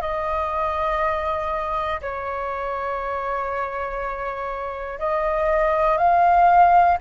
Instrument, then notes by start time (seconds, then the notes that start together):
flute
0.00 D#5
2.01 C#5
4.99 D#5
5.97 F5